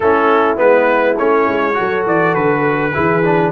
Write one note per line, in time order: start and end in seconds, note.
0.00 0.58 A3
0.00 0.56 C#4
0.00 1.78 E4
0.00 0.57 A4
0.56 1.18 G#3
0.56 1.15 B3
0.56 1.17 B4
1.18 1.48 A3
1.18 1.73 C#4
1.18 2.06 C#5
1.48 1.77 G#3
1.73 2.91 F#4
1.73 2.93 A4
1.79 2.06 F#3
2.06 2.35 E3
2.06 2.34 D5
2.34 2.94 D3
2.34 3.51 B4
2.93 3.51 E3
2.93 3.23 E4
2.93 3.51 G#4
3.24 3.51 D4